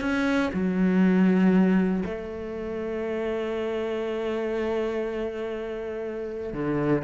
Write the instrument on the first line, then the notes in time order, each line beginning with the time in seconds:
cello
0.00 C#4
0.53 F#3
2.05 A3
6.53 D3